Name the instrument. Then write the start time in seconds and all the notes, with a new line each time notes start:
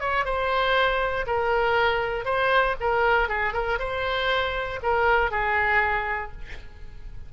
oboe
0.00 C#5
0.25 C5
1.27 A#4
2.25 C5
2.80 A#4
3.28 G#4
3.53 A#4
3.79 C5
4.82 A#4
5.31 G#4